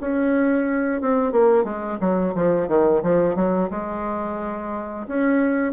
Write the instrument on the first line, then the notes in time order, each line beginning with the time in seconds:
bassoon
0.00 C#4
1.01 C4
1.32 A#3
1.64 G#3
2.00 F#3
2.35 F3
2.68 D#3
3.03 F3
3.35 F#3
3.70 G#3
5.08 C#4